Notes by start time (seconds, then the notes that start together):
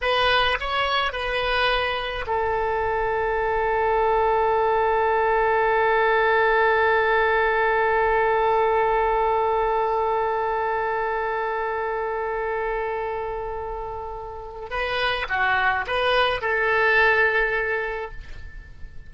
0.01 B4
0.59 C#5
1.12 B4
2.26 A4
14.70 B4
15.29 F#4
15.86 B4
16.41 A4